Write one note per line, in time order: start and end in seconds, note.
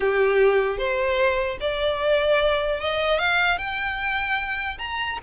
0.00 0.78 G4
0.78 1.58 C5
1.60 2.80 D5
2.80 3.19 D#5
3.19 3.58 F5
3.58 4.78 G5
4.78 5.18 A#5